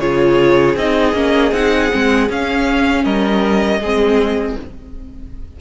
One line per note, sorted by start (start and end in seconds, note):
0.00 0.76 C#3
0.00 0.77 F4
0.00 3.04 G#4
0.00 0.77 C#5
0.76 1.14 C4
0.76 1.15 D#4
0.76 1.53 D#5
1.14 1.52 A#3
1.14 1.53 C#4
1.52 1.90 C4
1.52 1.91 D#4
1.52 2.29 F#5
1.91 2.30 G#3
1.91 2.29 C4
2.30 3.81 C#4
2.30 3.05 C#4
2.30 3.05 F5
3.04 3.80 G3
3.04 3.80 A#4
3.04 4.57 D#5
3.80 4.56 G#3
3.80 4.61 C4
3.80 4.56 G#4